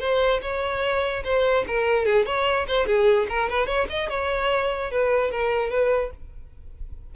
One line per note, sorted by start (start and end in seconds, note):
0.00 0.41 C5
0.42 1.24 C#5
1.24 1.65 C5
1.68 2.05 A#4
2.05 2.26 G#4
2.26 2.67 C#5
2.68 2.86 C5
2.86 3.27 G#4
3.29 3.49 A#4
3.49 3.66 B4
3.66 3.87 C#5
3.89 4.09 D#5
4.09 4.91 C#5
4.91 5.31 B4
5.31 5.70 A#4
5.70 6.11 B4